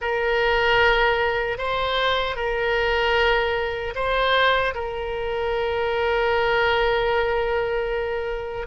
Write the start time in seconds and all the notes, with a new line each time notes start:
0.01 A#4
1.58 C5
2.35 A#4
3.95 C5
4.74 A#4